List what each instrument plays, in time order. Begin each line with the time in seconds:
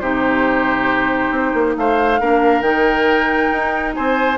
0.00 bassoon C3, clarinet D#4, oboe G4, flute C5
1.31 bassoon C4
1.54 bassoon A#3
1.77 bassoon A3, oboe C5, flute F5
2.21 bassoon A#3, clarinet D4, oboe A#4
2.61 bassoon D#3, clarinet D#4, flute G5
3.53 bassoon D#4
3.95 bassoon C4, oboe C5, flute G#5